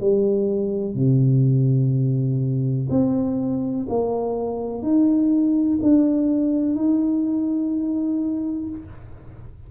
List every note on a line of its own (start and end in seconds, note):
0.00 0.95 G3
0.95 2.88 C3
2.89 3.86 C4
3.89 4.82 A#3
4.82 5.79 D#4
5.82 6.75 D4
6.75 8.69 D#4